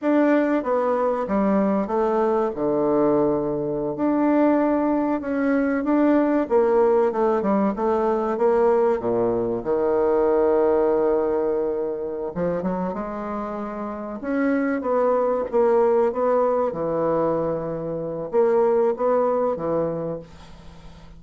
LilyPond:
\new Staff \with { instrumentName = "bassoon" } { \time 4/4 \tempo 4 = 95 d'4 b4 g4 a4 | d2~ d16 d'4.~ d'16~ | d'16 cis'4 d'4 ais4 a8 g16~ | g16 a4 ais4 ais,4 dis8.~ |
dis2.~ dis8 f8 | fis8 gis2 cis'4 b8~ | b8 ais4 b4 e4.~ | e4 ais4 b4 e4 | }